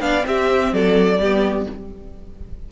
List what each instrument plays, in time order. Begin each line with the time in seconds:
0.00 cello B3, viola D4, violin D5 F5
0.22 viola C4, cello C4, violin G4 E5
0.72 cello F#3, violin A4 D5
1.18 cello G3, viola B3, violin G4